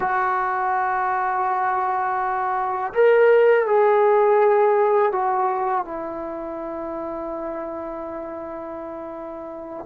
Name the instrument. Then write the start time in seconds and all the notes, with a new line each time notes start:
trombone
0.00 F#4
2.94 A#4
3.66 G#4
5.12 F#4
5.84 E4